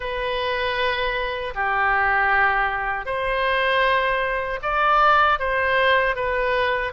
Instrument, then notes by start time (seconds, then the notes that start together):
oboe
0.00 B4
1.54 G4
3.05 C5
4.62 D5
5.38 C5
6.15 B4